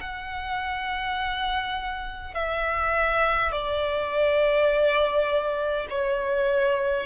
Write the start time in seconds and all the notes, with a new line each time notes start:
0.00 F#5
2.34 E5
3.51 D5
5.89 C#5